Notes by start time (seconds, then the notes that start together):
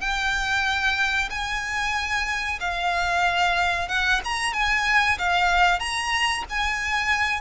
0.00 G5
1.30 G#5
2.60 F5
3.89 F#5
4.24 A#5
4.53 G#5
5.18 F5
5.79 A#5
6.50 G#5